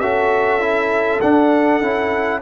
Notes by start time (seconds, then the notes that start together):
0.00 C#4 F#4 A4 E5
0.60 E4
1.21 D4 F#5
1.82 C#4 E4